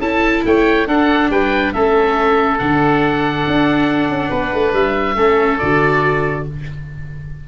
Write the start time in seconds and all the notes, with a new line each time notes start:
0.00 C#4 E4 A4 A5
0.45 A3 C#5 G5
0.88 D4 A4 F#5
1.30 G3 B4 G5
1.73 A3 C#4 A4 E5
2.58 D3 D4 F#5
3.47 D4
4.09 C#4
4.30 B3 B4
4.54 A3
4.73 G3 E5
5.16 A3 C#4 A4
5.59 D3 F#4 D5